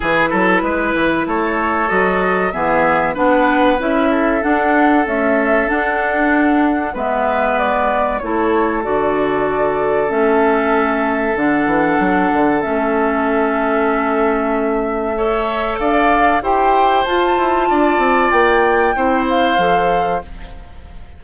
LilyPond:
<<
  \new Staff \with { instrumentName = "flute" } { \time 4/4 \tempo 4 = 95 b'2 cis''4 dis''4 | e''4 fis''4 e''4 fis''4 | e''4 fis''2 e''4 | d''4 cis''4 d''2 |
e''2 fis''2 | e''1~ | e''4 f''4 g''4 a''4~ | a''4 g''4. f''4. | }
  \new Staff \with { instrumentName = "oboe" } { \time 4/4 gis'8 a'8 b'4 a'2 | gis'4 b'4. a'4.~ | a'2. b'4~ | b'4 a'2.~ |
a'1~ | a'1 | cis''4 d''4 c''2 | d''2 c''2 | }
  \new Staff \with { instrumentName = "clarinet" } { \time 4/4 e'2. fis'4 | b4 d'4 e'4 d'4 | a4 d'2 b4~ | b4 e'4 fis'2 |
cis'2 d'2 | cis'1 | a'2 g'4 f'4~ | f'2 e'4 a'4 | }
  \new Staff \with { instrumentName = "bassoon" } { \time 4/4 e8 fis8 gis8 e8 a4 fis4 | e4 b4 cis'4 d'4 | cis'4 d'2 gis4~ | gis4 a4 d2 |
a2 d8 e8 fis8 d8 | a1~ | a4 d'4 e'4 f'8 e'8 | d'8 c'8 ais4 c'4 f4 | }
>>